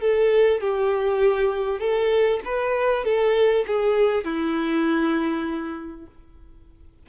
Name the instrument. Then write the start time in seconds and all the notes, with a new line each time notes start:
violin
0.00 A4
0.60 G4
1.79 A4
2.45 B4
3.04 A4
3.66 G#4
4.24 E4